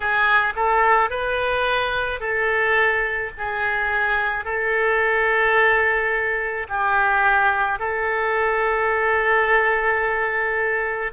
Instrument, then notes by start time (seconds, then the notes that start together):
oboe
0.00 G#4
0.55 A4
1.10 B4
2.20 A4
3.37 G#4
4.44 A4
6.68 G4
7.79 A4